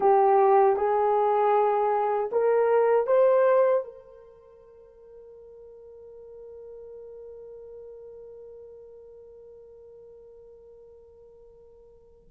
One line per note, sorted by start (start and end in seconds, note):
0.00 0.76 G4
0.76 2.30 G#4
2.31 3.07 A#4
3.07 3.84 C5
3.84 12.30 A#4